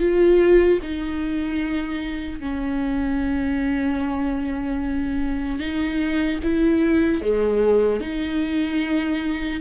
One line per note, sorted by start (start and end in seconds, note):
0.00 0.80 F4
0.82 2.40 D#4
2.40 5.60 C#4
5.60 6.40 D#4
6.44 7.22 E4
7.22 8.01 G#3
8.01 9.61 D#4